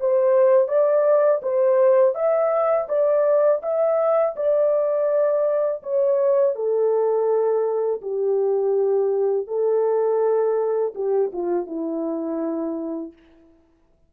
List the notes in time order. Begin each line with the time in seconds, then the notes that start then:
0.00 C5
0.69 D5
1.43 C5
2.15 E5
2.89 D5
3.63 E5
4.36 D5
5.83 C#5
6.55 A4
8.02 G4
9.48 A4
10.95 G4
11.33 F4
11.66 E4